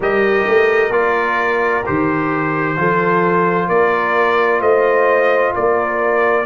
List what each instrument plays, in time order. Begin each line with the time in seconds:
0.00 tuba G3, trombone G4, horn A#4, trumpet D#5
0.47 tuba A3
0.90 tuba A#3, trombone F4, trumpet D5
1.85 tuba D#3, trombone G4, trumpet C5
2.76 tuba F3, trombone F4, horn A4
3.67 tuba A#3, horn A#4, trumpet D5
4.60 tuba A3, horn C5, trumpet D#5
5.54 tuba A#3, horn A#4, trumpet D5